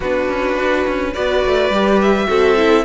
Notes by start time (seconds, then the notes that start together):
0.00 B3 D4 F#4 B4
0.28 C#4
0.55 D4
0.87 C#4
1.13 B3 F#4 B4 D5
1.45 A3
1.69 G3 G4
2.01 E5
2.27 C4 F#4 A4
2.56 E4